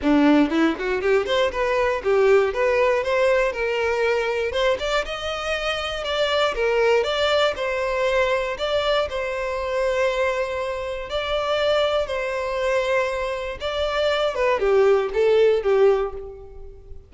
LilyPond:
\new Staff \with { instrumentName = "violin" } { \time 4/4 \tempo 4 = 119 d'4 e'8 fis'8 g'8 c''8 b'4 | g'4 b'4 c''4 ais'4~ | ais'4 c''8 d''8 dis''2 | d''4 ais'4 d''4 c''4~ |
c''4 d''4 c''2~ | c''2 d''2 | c''2. d''4~ | d''8 b'8 g'4 a'4 g'4 | }